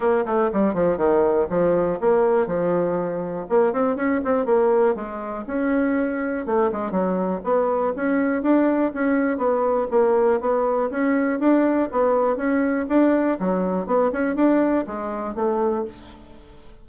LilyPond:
\new Staff \with { instrumentName = "bassoon" } { \time 4/4 \tempo 4 = 121 ais8 a8 g8 f8 dis4 f4 | ais4 f2 ais8 c'8 | cis'8 c'8 ais4 gis4 cis'4~ | cis'4 a8 gis8 fis4 b4 |
cis'4 d'4 cis'4 b4 | ais4 b4 cis'4 d'4 | b4 cis'4 d'4 fis4 | b8 cis'8 d'4 gis4 a4 | }